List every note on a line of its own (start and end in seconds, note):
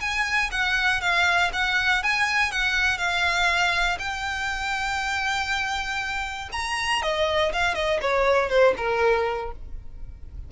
0.00 0.50 G#5
0.51 1.01 F#5
1.01 1.51 F5
1.53 2.03 F#5
2.03 2.51 G#5
2.51 2.98 F#5
2.98 3.98 F5
3.99 6.49 G5
6.52 7.02 A#5
7.02 7.52 D#5
7.52 7.75 F5
7.75 8.00 D#5
8.01 8.49 C#5
8.49 8.74 C5
8.77 9.52 A#4